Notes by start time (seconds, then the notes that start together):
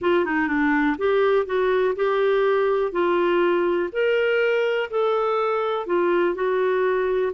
0.01 F4
0.25 D#4
0.47 D4
0.98 G4
1.46 F#4
1.95 G4
2.92 F4
3.92 A#4
4.90 A4
5.86 F4
6.34 F#4